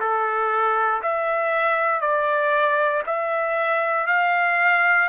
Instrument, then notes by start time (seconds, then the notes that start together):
trumpet
0.00 A4
1.02 E5
2.01 D5
3.06 E5
4.07 F5